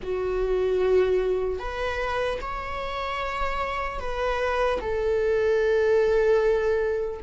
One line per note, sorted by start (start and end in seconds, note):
0.03 1.59 F#4
1.59 2.39 B4
2.41 3.99 C#5
3.99 4.79 B4
4.80 7.20 A4